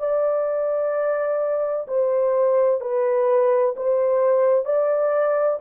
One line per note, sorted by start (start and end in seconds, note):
0.00 1.87 D5
1.88 2.82 C5
2.82 3.75 B4
3.77 4.66 C5
4.66 5.60 D5